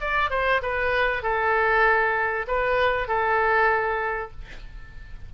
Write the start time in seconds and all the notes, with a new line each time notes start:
0.00 D5
0.30 C5
0.62 B4
1.22 A4
2.47 B4
3.07 A4